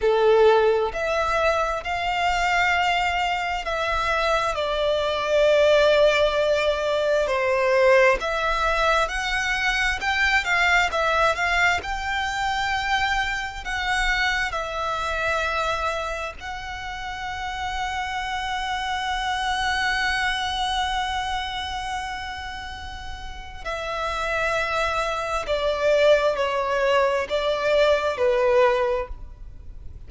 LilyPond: \new Staff \with { instrumentName = "violin" } { \time 4/4 \tempo 4 = 66 a'4 e''4 f''2 | e''4 d''2. | c''4 e''4 fis''4 g''8 f''8 | e''8 f''8 g''2 fis''4 |
e''2 fis''2~ | fis''1~ | fis''2 e''2 | d''4 cis''4 d''4 b'4 | }